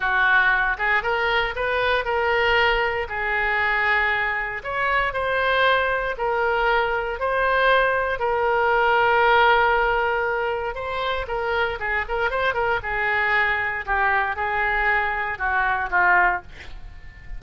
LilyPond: \new Staff \with { instrumentName = "oboe" } { \time 4/4 \tempo 4 = 117 fis'4. gis'8 ais'4 b'4 | ais'2 gis'2~ | gis'4 cis''4 c''2 | ais'2 c''2 |
ais'1~ | ais'4 c''4 ais'4 gis'8 ais'8 | c''8 ais'8 gis'2 g'4 | gis'2 fis'4 f'4 | }